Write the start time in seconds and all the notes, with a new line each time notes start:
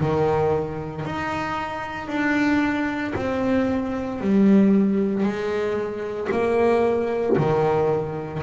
0.00 D#3
1.05 D#4
2.08 D4
3.16 C4
4.21 G3
5.23 G#3
6.32 A#3
7.37 D#3